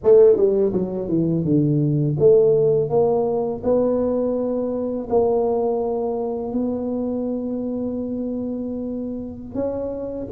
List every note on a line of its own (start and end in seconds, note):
0.03 0.36 A3
0.36 0.72 G3
0.73 1.08 F#3
1.08 1.44 E3
1.44 2.17 D3
2.19 2.89 A3
2.89 3.61 A#3
3.63 5.08 B3
5.09 6.52 A#3
6.52 9.54 B3
9.54 10.27 C#4